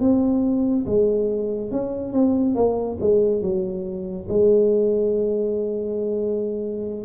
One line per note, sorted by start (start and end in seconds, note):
0.00 0.86 C4
0.86 1.71 G#3
1.71 2.13 C#4
2.13 2.55 C4
2.55 2.98 A#3
3.00 3.42 G#3
3.42 4.27 F#3
4.29 7.05 G#3